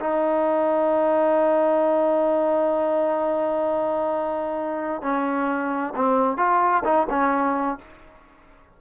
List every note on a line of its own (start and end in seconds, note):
0.00 5.02 D#4
5.02 5.94 C#4
5.96 6.37 C4
6.37 6.83 F4
6.84 7.07 D#4
7.10 7.78 C#4